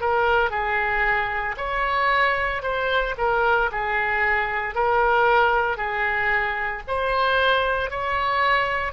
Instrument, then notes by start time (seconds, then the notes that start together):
oboe
0.00 A#4
0.50 G#4
1.57 C#5
2.62 C5
3.17 A#4
3.71 G#4
4.74 A#4
5.77 G#4
6.87 C5
7.90 C#5